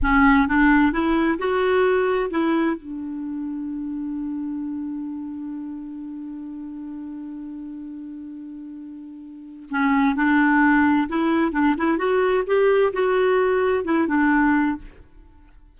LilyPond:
\new Staff \with { instrumentName = "clarinet" } { \time 4/4 \tempo 4 = 130 cis'4 d'4 e'4 fis'4~ | fis'4 e'4 d'2~ | d'1~ | d'1~ |
d'1~ | d'4 cis'4 d'2 | e'4 d'8 e'8 fis'4 g'4 | fis'2 e'8 d'4. | }